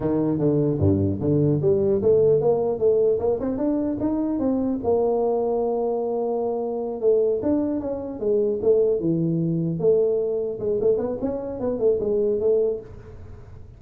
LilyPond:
\new Staff \with { instrumentName = "tuba" } { \time 4/4 \tempo 4 = 150 dis4 d4 g,4 d4 | g4 a4 ais4 a4 | ais8 c'8 d'4 dis'4 c'4 | ais1~ |
ais4. a4 d'4 cis'8~ | cis'8 gis4 a4 e4.~ | e8 a2 gis8 a8 b8 | cis'4 b8 a8 gis4 a4 | }